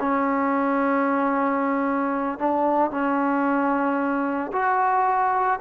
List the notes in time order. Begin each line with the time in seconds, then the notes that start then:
0.00 C#4
2.39 D4
2.91 C#4
4.53 F#4